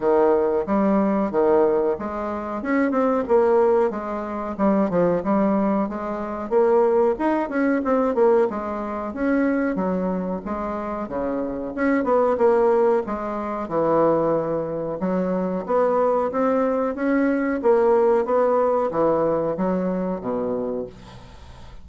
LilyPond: \new Staff \with { instrumentName = "bassoon" } { \time 4/4 \tempo 4 = 92 dis4 g4 dis4 gis4 | cis'8 c'8 ais4 gis4 g8 f8 | g4 gis4 ais4 dis'8 cis'8 | c'8 ais8 gis4 cis'4 fis4 |
gis4 cis4 cis'8 b8 ais4 | gis4 e2 fis4 | b4 c'4 cis'4 ais4 | b4 e4 fis4 b,4 | }